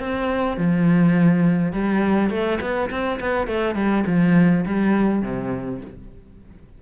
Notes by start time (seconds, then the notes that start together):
0.00 C4
0.58 F3
1.73 G3
2.30 A3
2.61 B3
2.91 C4
3.20 B3
3.48 A3
3.75 G3
4.07 F3
4.66 G3
5.23 C3